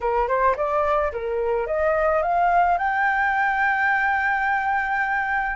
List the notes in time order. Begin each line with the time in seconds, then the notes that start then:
0.00 A#4
0.28 C5
0.56 D5
1.12 A#4
1.66 D#5
2.22 F5
2.78 G5